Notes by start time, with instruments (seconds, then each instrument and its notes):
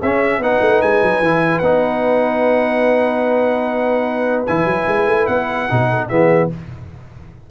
0.00 tuba C#4, trombone C#4, horn G#4, trumpet E5
0.39 tuba B3, trombone D#4, horn B4, trumpet F#5
0.61 tuba A3
0.82 tuba G#3, trumpet G#5
1.03 tuba F#3
1.21 tuba E3, trombone E4
1.59 tuba B3, trombone D#4, trumpet F#5
4.47 tuba E3, trombone E4, trumpet G#5
4.65 tuba F#3
4.88 tuba G#3
5.07 tuba A3
5.27 tuba B3, trumpet F#5
5.70 tuba B2, trombone D#4
5.89 horn A4
6.09 tuba E3, trombone B3, horn G#4, trumpet E5